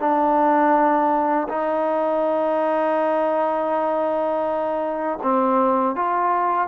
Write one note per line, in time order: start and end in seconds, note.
0.00 1.48 D4
1.49 5.19 D#4
5.23 5.96 C4
5.96 6.68 F4